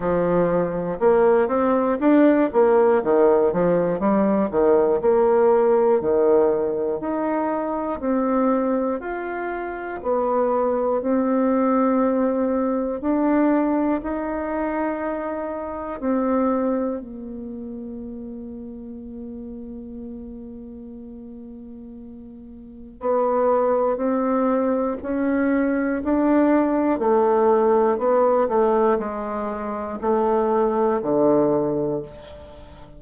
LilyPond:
\new Staff \with { instrumentName = "bassoon" } { \time 4/4 \tempo 4 = 60 f4 ais8 c'8 d'8 ais8 dis8 f8 | g8 dis8 ais4 dis4 dis'4 | c'4 f'4 b4 c'4~ | c'4 d'4 dis'2 |
c'4 ais2.~ | ais2. b4 | c'4 cis'4 d'4 a4 | b8 a8 gis4 a4 d4 | }